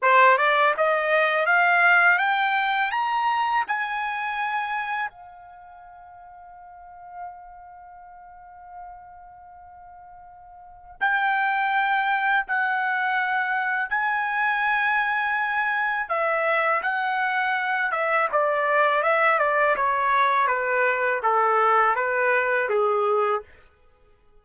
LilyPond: \new Staff \with { instrumentName = "trumpet" } { \time 4/4 \tempo 4 = 82 c''8 d''8 dis''4 f''4 g''4 | ais''4 gis''2 f''4~ | f''1~ | f''2. g''4~ |
g''4 fis''2 gis''4~ | gis''2 e''4 fis''4~ | fis''8 e''8 d''4 e''8 d''8 cis''4 | b'4 a'4 b'4 gis'4 | }